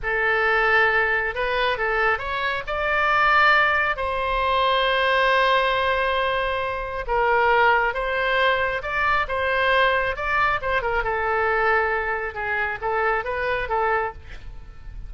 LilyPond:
\new Staff \with { instrumentName = "oboe" } { \time 4/4 \tempo 4 = 136 a'2. b'4 | a'4 cis''4 d''2~ | d''4 c''2.~ | c''1 |
ais'2 c''2 | d''4 c''2 d''4 | c''8 ais'8 a'2. | gis'4 a'4 b'4 a'4 | }